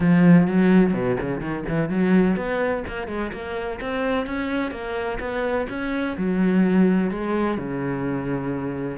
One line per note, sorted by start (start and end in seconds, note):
0.00 0.47 F3
0.47 0.93 F#3
0.93 1.16 B2
1.20 1.40 C#3
1.40 1.64 D#3
1.68 1.89 E3
1.89 2.36 F#3
2.36 2.83 B3
2.87 3.07 A#3
3.07 3.31 G#3
3.32 3.79 A#3
3.80 4.26 C4
4.26 4.71 C#4
4.71 5.18 A#3
5.19 5.66 B3
5.69 6.16 C#4
6.17 7.10 F#3
7.10 7.57 G#3
7.57 8.98 C#3